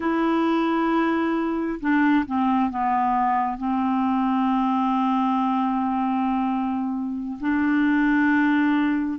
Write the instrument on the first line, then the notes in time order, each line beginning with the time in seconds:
clarinet
0.00 E4
1.80 D4
2.26 C4
2.70 B3
3.57 C4
7.40 D4